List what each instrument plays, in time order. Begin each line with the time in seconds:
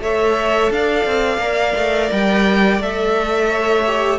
0.00 cello A3, viola A4, violin C#5 E5
0.71 cello D4, violin D5 F5
1.06 cello C4
1.38 cello A#3, viola A#4
1.76 cello A3
2.12 cello G3, violin G5
2.80 cello A3, viola A4, violin E5
3.49 violin C#5
3.87 viola G4